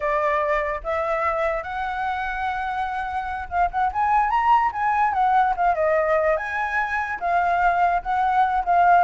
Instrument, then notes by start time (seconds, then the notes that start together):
flute
0.00 D5
0.83 E5
1.63 F#5
3.49 F5
3.71 F#5
3.92 G#5
4.29 A#5
4.72 G#5
5.13 F#5
5.56 F5
5.75 D#5
6.37 G#5
7.20 F5
8.02 F#5
8.64 F5